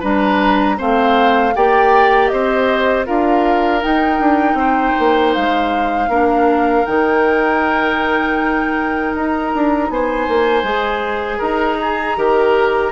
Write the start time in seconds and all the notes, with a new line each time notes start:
0.00 G3 D4 B4 A#5
0.77 A3 C4 C5 F5
1.55 A#3 G4 D5 G5
2.28 C4 C5 D#5
3.06 D4 F4 A#4 F5
3.81 D#4 G5
4.19 D4
4.54 C4 C5
4.99 A#3
5.34 G#3 F5
6.08 A#3 D4 A#4
6.86 D#3 D#4 G5
9.15 D#4 A#5
9.55 D4
9.89 B3 C5 G#5
10.28 A#3
10.63 G#3 G#4
11.38 D#4 A#4 A#5
11.81 G#4
12.16 D#3 G4 A#4